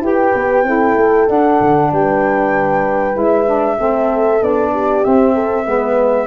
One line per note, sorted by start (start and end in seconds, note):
0.00 0.31 E4
0.00 0.64 G4
0.00 0.67 B4
0.00 1.29 G5
0.34 0.63 B3
0.63 0.94 C4
0.63 1.27 E4
0.63 1.92 A4
0.96 1.28 A3
1.27 3.14 D4
1.27 1.60 D4
1.27 1.91 F#5
1.61 1.92 D3
1.92 3.16 G3
1.92 3.78 B4
1.92 3.18 G5
3.14 3.78 G#3
3.14 3.45 E4
3.14 4.43 E5
3.46 3.77 D4
3.78 4.41 A3
3.78 4.40 C4
3.78 4.71 A4
4.41 5.04 B3
4.41 5.03 D4
4.41 5.04 D5
4.73 5.34 G4
5.03 5.65 C4
5.03 5.66 C4
5.03 6.27 E5
5.34 5.65 A4
5.65 6.27 G#3
5.65 6.27 B3
5.65 6.27 B4